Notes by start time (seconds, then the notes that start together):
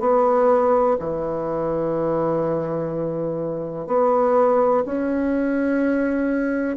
0.00 B3
0.99 E3
3.87 B3
4.85 C#4